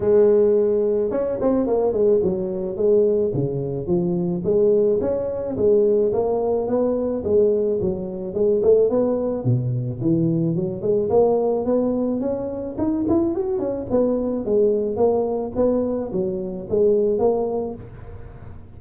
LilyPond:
\new Staff \with { instrumentName = "tuba" } { \time 4/4 \tempo 4 = 108 gis2 cis'8 c'8 ais8 gis8 | fis4 gis4 cis4 f4 | gis4 cis'4 gis4 ais4 | b4 gis4 fis4 gis8 a8 |
b4 b,4 e4 fis8 gis8 | ais4 b4 cis'4 dis'8 e'8 | fis'8 cis'8 b4 gis4 ais4 | b4 fis4 gis4 ais4 | }